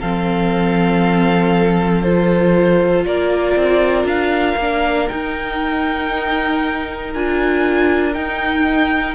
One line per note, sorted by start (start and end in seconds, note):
0.00 3.05 F3
0.00 2.06 C4
0.00 3.05 A4
0.00 2.03 F5
2.03 4.60 F4
2.03 3.05 C5
3.05 3.56 A#3
3.05 9.15 A#4
3.05 4.07 D5
3.56 4.04 C4
4.04 4.55 D4
4.04 5.08 F5
4.58 5.08 A#3
4.58 5.09 D4
5.08 7.13 D#4
5.08 7.15 D#4
5.08 7.12 G5
7.14 8.16 D4
7.14 8.14 F4
7.14 8.14 G#5
8.14 9.15 D#4
8.14 9.15 G5